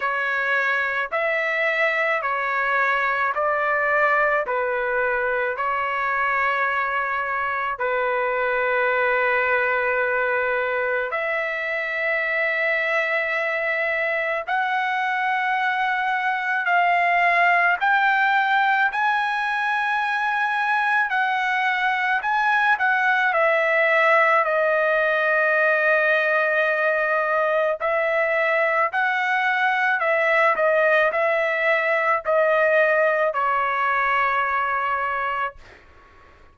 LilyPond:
\new Staff \with { instrumentName = "trumpet" } { \time 4/4 \tempo 4 = 54 cis''4 e''4 cis''4 d''4 | b'4 cis''2 b'4~ | b'2 e''2~ | e''4 fis''2 f''4 |
g''4 gis''2 fis''4 | gis''8 fis''8 e''4 dis''2~ | dis''4 e''4 fis''4 e''8 dis''8 | e''4 dis''4 cis''2 | }